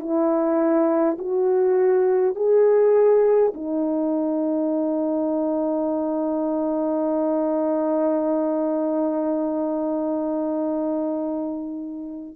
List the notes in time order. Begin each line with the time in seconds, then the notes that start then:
0.00 E4
1.19 F#4
2.36 G#4
3.55 D#4